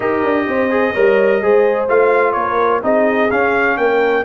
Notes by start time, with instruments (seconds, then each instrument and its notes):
0.00 tuba D#4, trombone G4, horn A#4, trumpet D#5
0.23 tuba D4
0.47 tuba C4, horn C5
0.70 trombone G#4
0.93 tuba G3, trombone A#4, horn C#5
1.42 tuba G#3, trombone G#4, horn C5
1.89 tuba A3, trombone F4, trumpet F5
2.32 tuba A#3, horn A#4, trumpet C#5
2.82 tuba C4, trombone D#4, horn G#4, trumpet D#5
3.30 tuba C#4, trombone C#4, trumpet F5
3.77 tuba A#3, horn A#4, trumpet G5